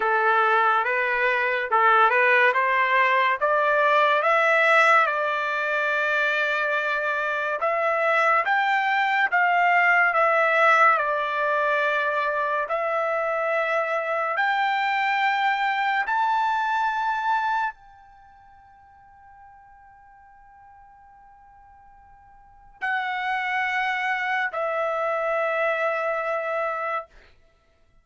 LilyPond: \new Staff \with { instrumentName = "trumpet" } { \time 4/4 \tempo 4 = 71 a'4 b'4 a'8 b'8 c''4 | d''4 e''4 d''2~ | d''4 e''4 g''4 f''4 | e''4 d''2 e''4~ |
e''4 g''2 a''4~ | a''4 g''2.~ | g''2. fis''4~ | fis''4 e''2. | }